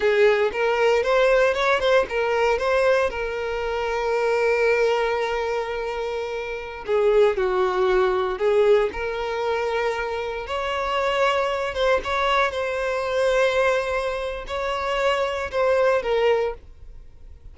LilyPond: \new Staff \with { instrumentName = "violin" } { \time 4/4 \tempo 4 = 116 gis'4 ais'4 c''4 cis''8 c''8 | ais'4 c''4 ais'2~ | ais'1~ | ais'4~ ais'16 gis'4 fis'4.~ fis'16~ |
fis'16 gis'4 ais'2~ ais'8.~ | ais'16 cis''2~ cis''8 c''8 cis''8.~ | cis''16 c''2.~ c''8. | cis''2 c''4 ais'4 | }